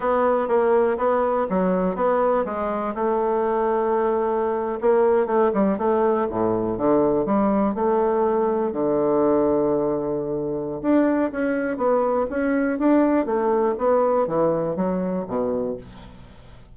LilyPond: \new Staff \with { instrumentName = "bassoon" } { \time 4/4 \tempo 4 = 122 b4 ais4 b4 fis4 | b4 gis4 a2~ | a4.~ a16 ais4 a8 g8 a16~ | a8. a,4 d4 g4 a16~ |
a4.~ a16 d2~ d16~ | d2 d'4 cis'4 | b4 cis'4 d'4 a4 | b4 e4 fis4 b,4 | }